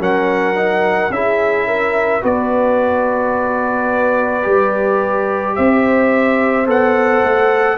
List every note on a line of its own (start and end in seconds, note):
0.00 1.11 F#3
0.00 0.55 C#4
0.00 1.12 A#4
0.00 1.13 F#5
0.55 1.11 D#4
1.11 2.22 C#4
1.11 2.22 E4
1.11 1.67 G#4
1.11 2.24 E5
1.67 2.21 A#4
2.21 4.47 B3
2.21 4.43 F#4
2.21 5.55 B4
2.21 5.56 D5
4.43 5.58 G3
4.43 6.65 G4
5.56 6.68 C4
5.56 7.78 C5
5.56 6.67 E5
6.67 7.23 B3
6.67 7.78 A4
6.67 7.78 F#5
7.24 7.78 A3